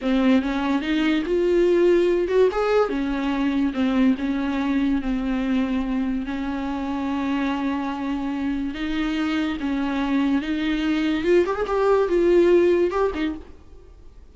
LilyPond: \new Staff \with { instrumentName = "viola" } { \time 4/4 \tempo 4 = 144 c'4 cis'4 dis'4 f'4~ | f'4. fis'8 gis'4 cis'4~ | cis'4 c'4 cis'2 | c'2. cis'4~ |
cis'1~ | cis'4 dis'2 cis'4~ | cis'4 dis'2 f'8 g'16 gis'16 | g'4 f'2 g'8 dis'8 | }